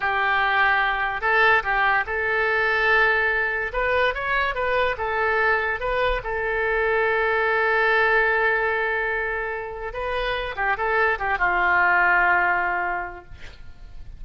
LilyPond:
\new Staff \with { instrumentName = "oboe" } { \time 4/4 \tempo 4 = 145 g'2. a'4 | g'4 a'2.~ | a'4 b'4 cis''4 b'4 | a'2 b'4 a'4~ |
a'1~ | a'1 | b'4. g'8 a'4 g'8 f'8~ | f'1 | }